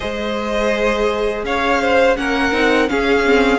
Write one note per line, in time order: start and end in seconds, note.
0.00 1.43 G#3
0.00 2.16 G#4
0.00 1.44 C5
0.00 1.45 D#5
1.43 2.16 C#4
1.43 1.81 C#5
1.43 2.16 F5
1.81 2.17 C5
2.16 2.52 A#3
2.16 2.52 C#4
2.16 2.90 A#4
2.16 2.88 F#5
2.52 2.88 C4
2.52 2.88 D#4
2.88 3.24 C#4
2.88 3.59 C#4
2.88 3.59 G#4
2.88 3.59 F5
3.24 3.59 C4